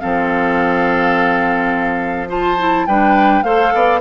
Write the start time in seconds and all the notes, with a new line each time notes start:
0.00 F3 C4 A4 F5
2.28 F4 C5 A5
2.59 E4
2.86 G3 D4 B4 G5
3.43 A3 A4 C5 F5
3.74 B3 D5